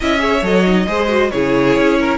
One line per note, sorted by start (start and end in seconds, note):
0.00 0.42 C#4
0.00 0.19 E4
0.00 0.20 D#5
0.00 0.45 E5
0.19 0.40 G#4
0.19 0.86 C#5
0.42 0.86 F#3
0.42 0.65 A4
0.42 1.31 D#5
0.66 0.87 D#4
0.87 1.31 G#3
0.87 1.08 G#4
0.87 1.31 C5
1.08 1.30 F#4
1.31 1.76 C#3
1.31 2.17 E4
1.31 1.99 G#4
1.31 2.17 C#5
1.76 2.17 C#4
1.99 2.17 A#4